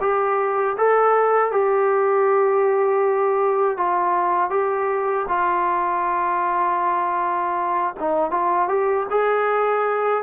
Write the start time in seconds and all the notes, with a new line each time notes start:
0.00 G4
0.77 A4
1.51 G4
3.77 F4
4.50 G4
5.28 F4
7.99 D#4
8.31 F4
8.68 G4
9.10 G#4